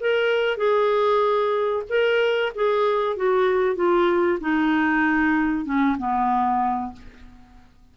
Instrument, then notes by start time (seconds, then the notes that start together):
clarinet
0.00 A#4
0.57 G#4
1.89 A#4
2.55 G#4
3.16 F#4
3.75 F4
4.40 D#4
5.65 C#4
5.98 B3